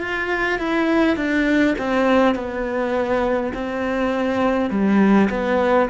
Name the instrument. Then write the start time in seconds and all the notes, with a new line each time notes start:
cello
0.00 F4
0.59 E4
1.17 D4
1.78 C4
2.35 B3
3.54 C4
4.71 G3
5.30 B3